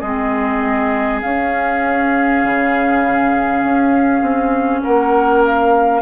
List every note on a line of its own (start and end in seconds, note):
0.00 1.22 G#3
0.00 1.23 C4
0.00 4.80 G#4
0.00 1.20 D#5
1.22 6.02 C#4
1.22 2.44 C#4
1.22 4.82 F5
2.44 3.64 C#3
3.64 4.21 C#4
4.21 4.82 C4
4.83 6.02 A#3
4.83 6.02 A#4
4.83 5.43 F#5
5.45 6.02 F5